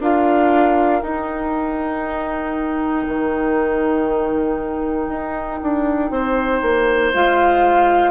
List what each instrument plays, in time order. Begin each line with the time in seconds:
0.00 bassoon D4, clarinet F4, oboe A#4, flute F5
1.01 clarinet D#4, bassoon D#4, flute G5
3.07 bassoon D#3
5.08 bassoon D#4
5.62 bassoon D4
6.10 bassoon C4, oboe C5
6.61 bassoon A#3
7.13 bassoon G#3, clarinet F4, flute F5